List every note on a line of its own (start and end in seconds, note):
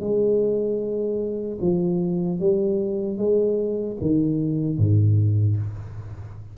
0.00 1.58 G#3
1.61 2.40 F3
2.40 3.18 G3
3.18 3.97 G#3
4.01 4.78 D#3
4.78 5.57 G#2